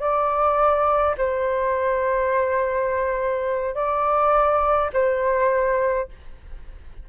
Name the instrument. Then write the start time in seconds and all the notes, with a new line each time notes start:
flute
0.00 D5
1.17 C5
3.75 D5
4.93 C5